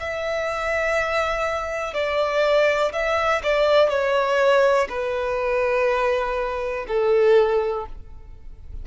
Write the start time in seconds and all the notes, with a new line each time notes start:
0.00 E5
1.94 D5
2.93 E5
3.43 D5
3.89 C#5
4.89 B4
6.88 A4